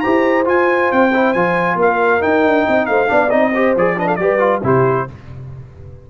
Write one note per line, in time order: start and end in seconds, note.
0.00 0.47 E4
0.00 0.45 G4
0.00 1.78 C5
0.00 0.44 A#5
0.45 1.10 F4
0.45 0.91 F4
0.45 0.92 G#5
0.92 1.34 C4
0.92 1.33 G5
1.14 1.35 E4
1.33 1.75 F3
1.33 2.20 F4
1.33 1.77 G#5
1.75 2.19 A#3
1.75 2.67 A#4
1.75 2.22 F5
2.20 3.07 D#4
2.20 2.44 D#4
2.20 2.86 G5
2.44 2.66 D4
2.67 2.88 C4
2.67 2.89 D#5
2.86 3.10 A3
2.86 3.09 C5
2.86 3.30 F5
3.07 3.32 B3
3.07 3.29 D4
3.07 3.52 D5
3.30 3.76 C4
3.30 3.52 D#4
3.30 3.74 D#5
3.54 3.77 G4
3.54 3.98 C5
3.76 4.18 F3
3.76 3.97 G#4
3.76 3.99 D5
3.97 4.19 D4
3.97 4.07 B4
3.97 4.08 D#5
4.07 4.18 A4
4.07 4.16 F5
4.16 4.62 G3
4.16 4.39 G4
4.16 4.64 B4
4.16 4.59 D5
4.39 4.61 F4
4.63 5.07 C3
4.63 5.07 E4
4.63 5.08 G4
4.63 5.10 C5